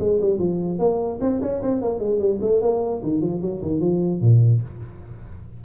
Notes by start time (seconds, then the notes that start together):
0.00 G#3
0.21 G3
0.39 F3
0.79 A#3
1.21 C4
1.42 C#4
1.62 C4
1.82 A#3
2.00 G#3
2.19 G3
2.42 A3
2.62 A#3
3.03 D#3
3.22 F3
3.42 F#3
3.62 D#3
3.81 F3
4.21 A#2